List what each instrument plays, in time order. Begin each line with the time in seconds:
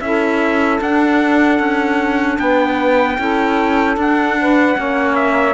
0.00 cello C#4, clarinet E4, saxophone A4, trumpet E5
0.80 cello D4, clarinet D4, trumpet F#5
1.59 cello C#4
2.38 cello B3, saxophone B4, trumpet G5
3.18 cello C#4, clarinet E4, saxophone A4
3.97 cello D4, clarinet D4, trumpet F#5
4.40 saxophone B4
4.75 cello A#3, clarinet C#4, saxophone C#5
5.15 trumpet E5